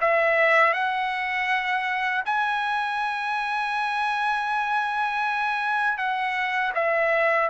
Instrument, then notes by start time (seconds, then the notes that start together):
trumpet
0.00 E5
0.73 F#5
2.25 G#5
5.97 F#5
6.74 E5